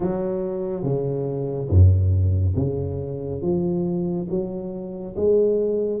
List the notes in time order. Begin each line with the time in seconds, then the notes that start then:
0.00 F#3
0.83 C#3
1.69 F#2
2.55 C#3
3.41 F3
4.29 F#3
5.16 G#3